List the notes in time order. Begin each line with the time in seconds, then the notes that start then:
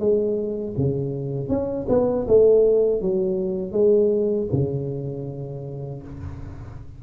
0.00 G#3
0.77 C#3
1.49 C#4
1.89 B3
2.28 A3
3.02 F#3
3.72 G#3
4.53 C#3